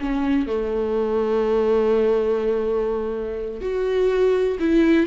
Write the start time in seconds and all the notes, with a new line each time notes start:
0.00 C#4
0.47 A3
3.61 F#4
4.59 E4